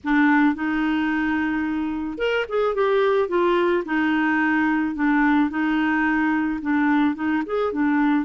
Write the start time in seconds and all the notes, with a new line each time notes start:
0.04 D4
0.54 D#4
2.18 A#4
2.48 G#4
2.74 G4
3.28 F4
3.85 D#4
4.95 D4
5.49 D#4
6.61 D4
7.15 D#4
7.46 G#4
7.72 D4